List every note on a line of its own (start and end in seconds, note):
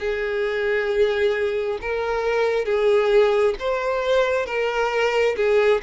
0.00 1.79 G#4
1.82 2.65 A#4
2.65 3.55 G#4
3.60 4.47 C5
4.47 5.36 A#4
5.36 5.81 G#4